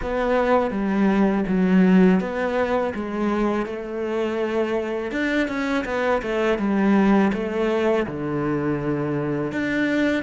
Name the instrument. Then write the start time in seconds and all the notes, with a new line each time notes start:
cello
0.02 B3
0.70 G3
1.47 F#3
2.20 B3
2.94 G#3
3.66 A3
5.11 D4
5.47 C#4
5.84 B3
6.22 A3
6.58 G3
7.33 A3
8.06 D3
9.52 D4